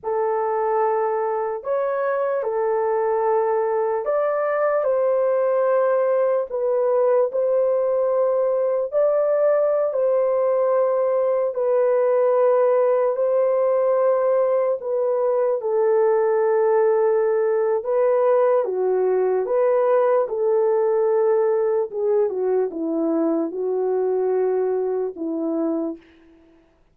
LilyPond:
\new Staff \with { instrumentName = "horn" } { \time 4/4 \tempo 4 = 74 a'2 cis''4 a'4~ | a'4 d''4 c''2 | b'4 c''2 d''4~ | d''16 c''2 b'4.~ b'16~ |
b'16 c''2 b'4 a'8.~ | a'2 b'4 fis'4 | b'4 a'2 gis'8 fis'8 | e'4 fis'2 e'4 | }